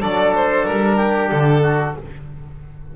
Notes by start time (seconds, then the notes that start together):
0.00 F#3 D4 A4 D5
0.35 C5
0.65 G3 A#4
0.96 G4
1.30 D3 A4
1.62 F#4